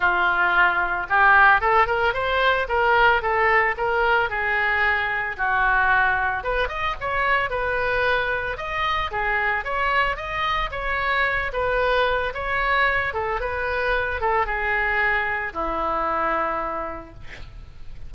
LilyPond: \new Staff \with { instrumentName = "oboe" } { \time 4/4 \tempo 4 = 112 f'2 g'4 a'8 ais'8 | c''4 ais'4 a'4 ais'4 | gis'2 fis'2 | b'8 dis''8 cis''4 b'2 |
dis''4 gis'4 cis''4 dis''4 | cis''4. b'4. cis''4~ | cis''8 a'8 b'4. a'8 gis'4~ | gis'4 e'2. | }